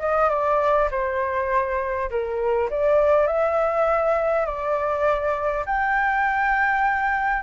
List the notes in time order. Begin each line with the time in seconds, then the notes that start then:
0.00 D#5
0.30 D5
0.91 C5
2.11 A#4
2.71 D5
3.27 E5
4.46 D5
5.66 G5